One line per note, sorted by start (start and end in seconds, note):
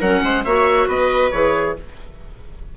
0.00 0.22 F#3
0.00 0.45 C#4
0.00 0.22 A#4
0.00 0.45 F#5
0.23 0.45 G#3
0.23 0.45 C5
0.45 0.88 A#3
0.45 1.32 F#4
0.45 0.87 C#5
0.45 0.88 E5
0.87 1.31 B3
0.87 1.75 B4
0.87 1.31 D#5
1.31 1.77 E3
1.31 1.76 G#4
1.31 1.74 C#5